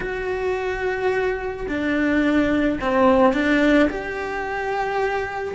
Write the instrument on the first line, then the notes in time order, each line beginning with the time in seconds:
cello
0.00 F#4
1.68 D4
2.80 C4
3.33 D4
3.89 G4